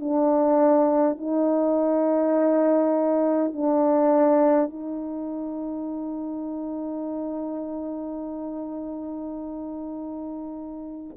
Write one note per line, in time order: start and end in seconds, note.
0.00 1.18 D4
1.18 3.53 D#4
3.53 4.70 D4
4.70 11.17 D#4